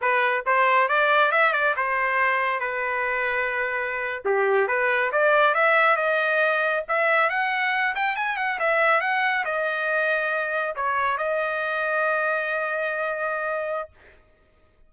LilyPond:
\new Staff \with { instrumentName = "trumpet" } { \time 4/4 \tempo 4 = 138 b'4 c''4 d''4 e''8 d''8 | c''2 b'2~ | b'4.~ b'16 g'4 b'4 d''16~ | d''8. e''4 dis''2 e''16~ |
e''8. fis''4. g''8 gis''8 fis''8 e''16~ | e''8. fis''4 dis''2~ dis''16~ | dis''8. cis''4 dis''2~ dis''16~ | dis''1 | }